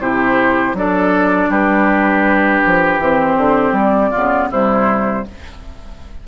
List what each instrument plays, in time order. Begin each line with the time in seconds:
0.00 bassoon C3, clarinet E4, oboe G4, flute C5
0.74 bassoon F#3, clarinet D4, oboe A4, flute D5
1.49 bassoon G3, oboe G4, flute B4
2.67 bassoon F3
2.98 bassoon E3, clarinet C4, flute C5
3.37 bassoon D3
3.72 bassoon G3, flute D5
4.11 bassoon C#3, clarinet B3, oboe F4
4.50 bassoon C3, clarinet G3, oboe E4, flute C5